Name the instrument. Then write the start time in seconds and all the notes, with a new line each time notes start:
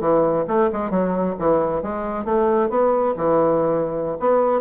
bassoon
0.00 E3
0.48 A3
0.72 G#3
0.91 F#3
1.39 E3
1.82 G#3
2.25 A3
2.70 B3
3.17 E3
4.20 B3